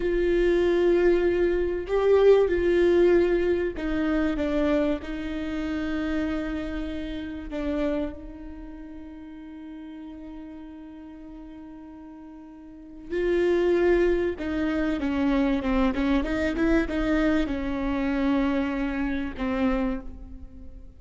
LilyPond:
\new Staff \with { instrumentName = "viola" } { \time 4/4 \tempo 4 = 96 f'2. g'4 | f'2 dis'4 d'4 | dis'1 | d'4 dis'2.~ |
dis'1~ | dis'4 f'2 dis'4 | cis'4 c'8 cis'8 dis'8 e'8 dis'4 | cis'2. c'4 | }